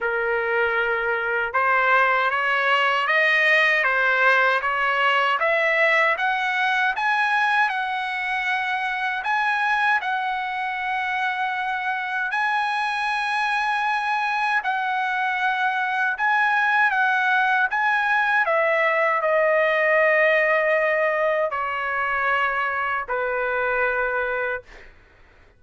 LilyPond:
\new Staff \with { instrumentName = "trumpet" } { \time 4/4 \tempo 4 = 78 ais'2 c''4 cis''4 | dis''4 c''4 cis''4 e''4 | fis''4 gis''4 fis''2 | gis''4 fis''2. |
gis''2. fis''4~ | fis''4 gis''4 fis''4 gis''4 | e''4 dis''2. | cis''2 b'2 | }